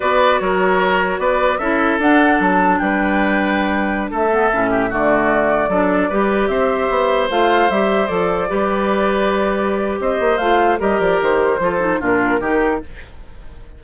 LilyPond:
<<
  \new Staff \with { instrumentName = "flute" } { \time 4/4 \tempo 4 = 150 d''4 cis''2 d''4 | e''4 fis''4 a''4 g''4~ | g''2~ g''16 e''4.~ e''16~ | e''16 d''2.~ d''8.~ |
d''16 e''2 f''4 e''8.~ | e''16 d''2.~ d''8.~ | d''4 dis''4 f''4 dis''8 d''8 | c''2 ais'2 | }
  \new Staff \with { instrumentName = "oboe" } { \time 4/4 b'4 ais'2 b'4 | a'2. b'4~ | b'2~ b'16 a'4. g'16~ | g'16 fis'2 a'4 b'8.~ |
b'16 c''2.~ c''8.~ | c''4~ c''16 b'2~ b'8.~ | b'4 c''2 ais'4~ | ais'4 a'4 f'4 g'4 | }
  \new Staff \with { instrumentName = "clarinet" } { \time 4/4 fis'1 | e'4 d'2.~ | d'2~ d'8. b8 cis'8.~ | cis'16 a2 d'4 g'8.~ |
g'2~ g'16 f'4 g'8.~ | g'16 a'4 g'2~ g'8.~ | g'2 f'4 g'4~ | g'4 f'8 dis'8 d'4 dis'4 | }
  \new Staff \with { instrumentName = "bassoon" } { \time 4/4 b4 fis2 b4 | cis'4 d'4 fis4 g4~ | g2~ g16 a4 a,8.~ | a,16 d2 fis4 g8.~ |
g16 c'4 b4 a4 g8.~ | g16 f4 g2~ g8.~ | g4 c'8 ais8 a4 g8 f8 | dis4 f4 ais,4 dis4 | }
>>